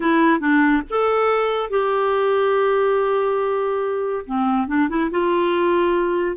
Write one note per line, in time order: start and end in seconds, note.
0.00 0.40 E4
0.40 0.82 D4
0.90 1.70 A4
1.70 4.25 G4
4.26 4.67 C4
4.67 4.88 D4
4.89 5.10 E4
5.10 6.36 F4